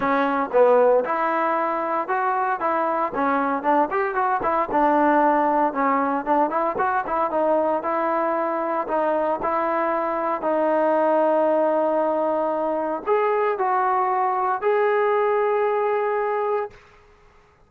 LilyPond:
\new Staff \with { instrumentName = "trombone" } { \time 4/4 \tempo 4 = 115 cis'4 b4 e'2 | fis'4 e'4 cis'4 d'8 g'8 | fis'8 e'8 d'2 cis'4 | d'8 e'8 fis'8 e'8 dis'4 e'4~ |
e'4 dis'4 e'2 | dis'1~ | dis'4 gis'4 fis'2 | gis'1 | }